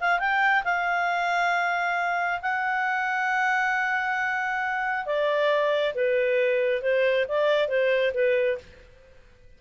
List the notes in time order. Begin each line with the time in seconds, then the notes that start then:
0.00 F5
0.19 G5
0.64 F5
2.42 F#5
5.06 D5
5.94 B4
6.82 C5
7.28 D5
7.68 C5
8.14 B4